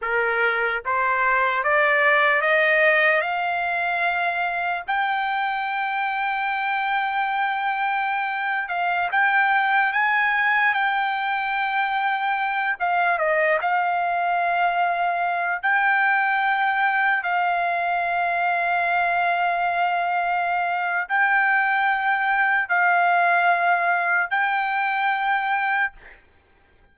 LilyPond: \new Staff \with { instrumentName = "trumpet" } { \time 4/4 \tempo 4 = 74 ais'4 c''4 d''4 dis''4 | f''2 g''2~ | g''2~ g''8. f''8 g''8.~ | g''16 gis''4 g''2~ g''8 f''16~ |
f''16 dis''8 f''2~ f''8 g''8.~ | g''4~ g''16 f''2~ f''8.~ | f''2 g''2 | f''2 g''2 | }